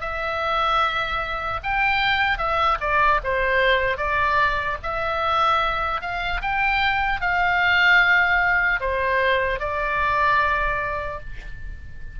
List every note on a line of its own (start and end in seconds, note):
0.00 1.60 E5
1.63 2.37 G5
2.37 2.77 E5
2.80 3.20 D5
3.23 3.97 C5
3.97 4.77 D5
4.82 6.01 E5
6.01 6.41 F5
6.41 7.20 G5
7.20 8.80 F5
8.80 9.59 C5
9.59 11.19 D5